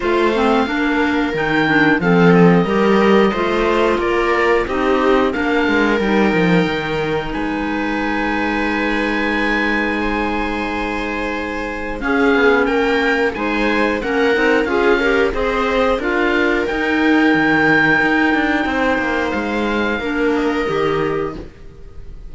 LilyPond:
<<
  \new Staff \with { instrumentName = "oboe" } { \time 4/4 \tempo 4 = 90 f''2 g''4 f''8 dis''8~ | dis''2 d''4 dis''4 | f''4 g''2 gis''4~ | gis''1~ |
gis''2 f''4 g''4 | gis''4 fis''4 f''4 dis''4 | f''4 g''2.~ | g''4 f''4. dis''4. | }
  \new Staff \with { instrumentName = "viola" } { \time 4/4 c''4 ais'2 a'4 | ais'4 c''4 ais'4 g'4 | ais'2. b'4~ | b'2. c''4~ |
c''2 gis'4 ais'4 | c''4 ais'4 gis'8 ais'8 c''4 | ais'1 | c''2 ais'2 | }
  \new Staff \with { instrumentName = "clarinet" } { \time 4/4 f'8 c'8 d'4 dis'8 d'8 c'4 | g'4 f'2 dis'4 | d'4 dis'2.~ | dis'1~ |
dis'2 cis'2 | dis'4 cis'8 dis'8 f'8 g'8 gis'4 | f'4 dis'2.~ | dis'2 d'4 g'4 | }
  \new Staff \with { instrumentName = "cello" } { \time 4/4 a4 ais4 dis4 f4 | g4 a4 ais4 c'4 | ais8 gis8 g8 f8 dis4 gis4~ | gis1~ |
gis2 cis'8 b8 ais4 | gis4 ais8 c'8 cis'4 c'4 | d'4 dis'4 dis4 dis'8 d'8 | c'8 ais8 gis4 ais4 dis4 | }
>>